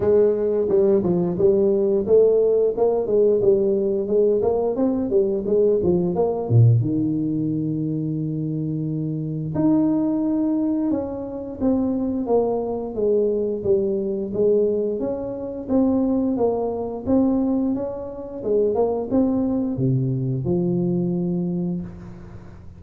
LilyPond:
\new Staff \with { instrumentName = "tuba" } { \time 4/4 \tempo 4 = 88 gis4 g8 f8 g4 a4 | ais8 gis8 g4 gis8 ais8 c'8 g8 | gis8 f8 ais8 ais,8 dis2~ | dis2 dis'2 |
cis'4 c'4 ais4 gis4 | g4 gis4 cis'4 c'4 | ais4 c'4 cis'4 gis8 ais8 | c'4 c4 f2 | }